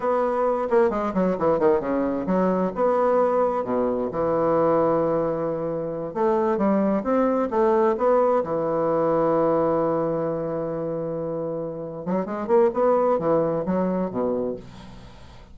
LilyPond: \new Staff \with { instrumentName = "bassoon" } { \time 4/4 \tempo 4 = 132 b4. ais8 gis8 fis8 e8 dis8 | cis4 fis4 b2 | b,4 e2.~ | e4. a4 g4 c'8~ |
c'8 a4 b4 e4.~ | e1~ | e2~ e8 fis8 gis8 ais8 | b4 e4 fis4 b,4 | }